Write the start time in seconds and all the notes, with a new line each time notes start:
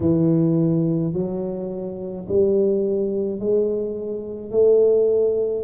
0.00 E3
1.13 F#3
2.28 G3
3.39 G#3
4.50 A3